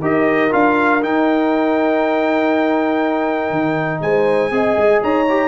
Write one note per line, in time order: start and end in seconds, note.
0.00 0.51 D#4
0.00 0.51 G4
0.00 4.00 A#4
0.00 0.53 D#5
0.51 1.03 D4
0.51 1.01 F4
0.51 1.03 F5
1.01 4.51 D#4
1.01 3.50 D#4
1.01 4.01 G5
3.50 4.00 D#3
4.01 4.51 G#3
4.01 4.52 C5
4.01 5.01 G#5
4.51 4.76 C4
4.51 5.26 G#4
4.51 5.03 D#5
4.77 5.02 G#3
5.03 5.48 D#4
5.03 5.48 C#5
5.03 5.48 A#5
5.29 5.48 G4